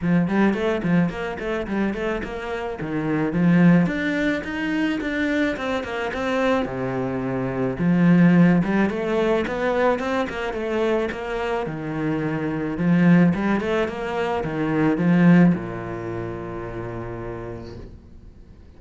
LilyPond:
\new Staff \with { instrumentName = "cello" } { \time 4/4 \tempo 4 = 108 f8 g8 a8 f8 ais8 a8 g8 a8 | ais4 dis4 f4 d'4 | dis'4 d'4 c'8 ais8 c'4 | c2 f4. g8 |
a4 b4 c'8 ais8 a4 | ais4 dis2 f4 | g8 a8 ais4 dis4 f4 | ais,1 | }